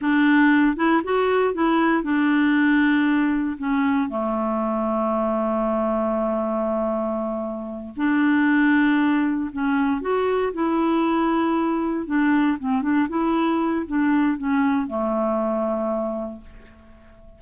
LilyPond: \new Staff \with { instrumentName = "clarinet" } { \time 4/4 \tempo 4 = 117 d'4. e'8 fis'4 e'4 | d'2. cis'4 | a1~ | a2.~ a8 d'8~ |
d'2~ d'8 cis'4 fis'8~ | fis'8 e'2. d'8~ | d'8 c'8 d'8 e'4. d'4 | cis'4 a2. | }